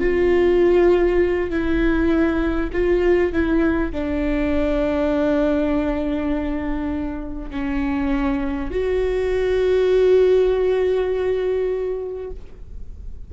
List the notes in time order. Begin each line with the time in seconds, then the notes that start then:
0.00 F4
1.50 E4
2.72 F4
3.32 E4
3.92 D4
7.50 C#4
8.70 F#4